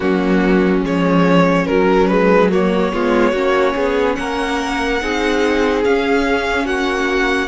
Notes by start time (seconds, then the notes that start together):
0.00 F#3 A#3 C#4 F#4
0.81 F3 G#3 C#5
1.66 F#3 A#4
2.07 G#3 B4
2.50 A#3 F#4 C#5
2.92 G#3 B3 F4
3.31 A#3 C#4 F#4
3.75 B3 G#4
4.15 A#3 A#4 F#5
5.01 C4 D#4 G#4
5.84 C#4 F5
6.65 A#3 F#4 F#5